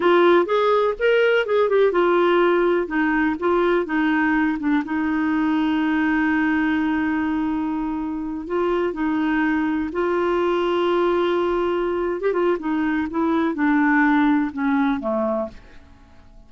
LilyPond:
\new Staff \with { instrumentName = "clarinet" } { \time 4/4 \tempo 4 = 124 f'4 gis'4 ais'4 gis'8 g'8 | f'2 dis'4 f'4 | dis'4. d'8 dis'2~ | dis'1~ |
dis'4. f'4 dis'4.~ | dis'8 f'2.~ f'8~ | f'4~ f'16 g'16 f'8 dis'4 e'4 | d'2 cis'4 a4 | }